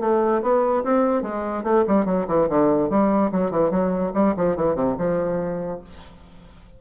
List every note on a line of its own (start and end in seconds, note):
0.00 0.41 A3
0.42 0.83 B3
0.84 1.22 C4
1.22 1.63 G#3
1.63 1.84 A3
1.87 2.05 G3
2.05 2.26 F#3
2.27 2.48 E3
2.49 2.89 D3
2.89 3.31 G3
3.32 3.51 F#3
3.51 3.70 E3
3.70 4.12 F#3
4.14 4.34 G3
4.37 4.56 F3
4.56 4.75 E3
4.75 4.96 C3
4.98 5.80 F3